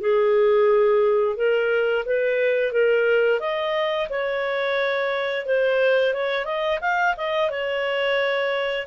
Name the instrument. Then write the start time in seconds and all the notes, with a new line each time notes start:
clarinet
0.00 G#4
1.36 A#4
2.05 B4
2.72 A#4
3.40 D#5
4.09 C#5
5.45 C5
6.14 C#5
6.45 D#5
6.81 F5
7.17 D#5
7.50 C#5